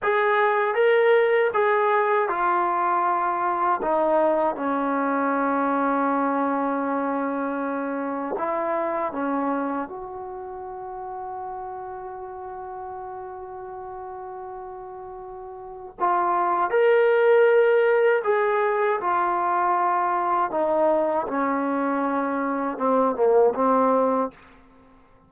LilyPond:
\new Staff \with { instrumentName = "trombone" } { \time 4/4 \tempo 4 = 79 gis'4 ais'4 gis'4 f'4~ | f'4 dis'4 cis'2~ | cis'2. e'4 | cis'4 fis'2.~ |
fis'1~ | fis'4 f'4 ais'2 | gis'4 f'2 dis'4 | cis'2 c'8 ais8 c'4 | }